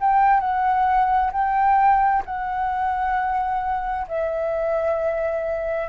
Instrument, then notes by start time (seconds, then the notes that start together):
flute
0.00 G5
0.40 F#5
1.32 G5
2.25 F#5
4.07 E5